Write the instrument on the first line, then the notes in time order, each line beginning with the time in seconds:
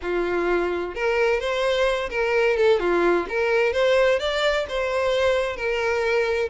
violin
0.02 F4
0.94 A#4
1.40 C5
2.10 A#4
2.56 A4
2.79 F4
3.28 A#4
3.72 C5
4.19 D5
4.68 C5
5.56 A#4